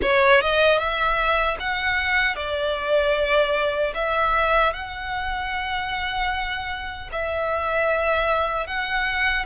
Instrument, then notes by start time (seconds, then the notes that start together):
violin
0.02 C#5
0.41 D#5
0.78 E5
1.59 F#5
2.35 D5
3.94 E5
4.73 F#5
7.12 E5
8.66 F#5